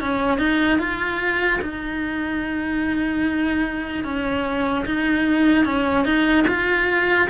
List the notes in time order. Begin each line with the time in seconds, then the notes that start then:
0.00 C#4
0.38 D#4
0.78 F4
1.61 D#4
4.04 C#4
4.85 D#4
5.65 C#4
6.04 D#4
6.47 F4